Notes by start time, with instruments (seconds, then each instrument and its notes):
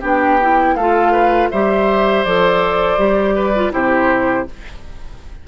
0.00 bassoon B3, clarinet D4, oboe G4, flute G5
0.41 clarinet E4
0.75 bassoon A3, clarinet F4, oboe A4, flute F5
1.12 oboe B4
1.50 bassoon G3, clarinet G4, oboe C5, flute E5
2.24 bassoon F3, clarinet A4, flute D5
2.98 bassoon G3, clarinet G4
3.35 oboe B4
3.55 clarinet F4
3.71 bassoon C3, clarinet E4, oboe G4, flute C5